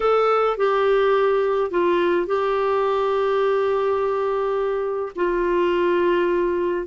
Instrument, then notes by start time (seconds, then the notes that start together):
clarinet
0.00 A4
0.57 G4
1.70 F4
2.26 G4
5.15 F4